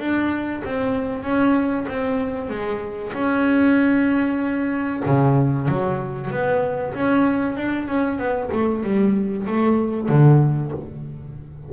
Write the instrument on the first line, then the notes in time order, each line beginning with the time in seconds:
double bass
0.00 D4
0.65 C4
1.23 C#4
1.89 C4
2.50 G#3
3.13 C#4
5.06 C#3
5.69 F#3
6.31 B3
6.94 C#4
7.57 D4
7.88 C#4
8.18 B3
8.52 A3
8.84 G3
9.47 A3
10.09 D3